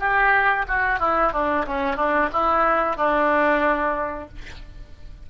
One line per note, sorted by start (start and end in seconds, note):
0.00 0.66 G4
0.68 1.00 F#4
1.00 1.33 E4
1.33 1.66 D4
1.68 1.97 C#4
1.97 2.30 D4
2.33 2.97 E4
2.97 4.29 D4